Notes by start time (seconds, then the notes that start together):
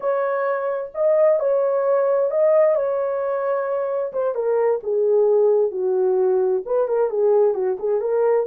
0.00 C#5
0.94 D#5
1.39 C#5
2.30 D#5
2.75 C#5
4.12 C5
4.34 A#4
4.83 G#4
5.71 F#4
6.65 B4
6.88 A#4
7.10 G#4
7.54 F#4
7.79 G#4
8.00 A#4